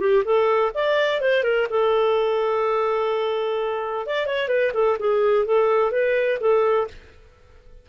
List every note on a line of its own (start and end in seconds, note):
0.00 0.24 G4
0.25 0.72 A4
0.75 1.21 D5
1.21 1.44 C5
1.44 1.68 A#4
1.70 4.07 A4
4.07 4.27 D5
4.27 4.49 C#5
4.49 4.72 B4
4.74 4.98 A4
4.99 5.46 G#4
5.46 5.92 A4
5.92 6.39 B4
6.41 6.88 A4